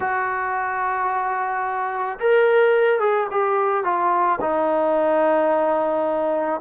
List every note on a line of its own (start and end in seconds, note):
0.00 2.18 F#4
2.19 2.99 A#4
2.99 3.27 G#4
3.31 3.84 G4
3.84 4.39 F4
4.40 6.61 D#4